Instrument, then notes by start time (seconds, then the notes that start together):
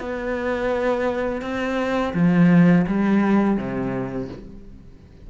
cello
0.00 B3
1.42 C4
2.14 F3
2.87 G3
3.57 C3